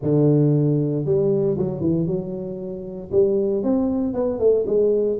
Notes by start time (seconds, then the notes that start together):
0.01 D3
1.05 G3
1.58 F#3
1.80 E3
2.06 F#3
3.11 G3
3.63 C4
4.13 B3
4.39 A3
4.66 G#3